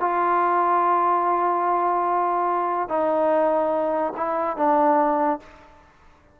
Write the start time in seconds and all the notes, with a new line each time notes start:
0.00 F4
2.89 D#4
4.17 E4
4.57 D4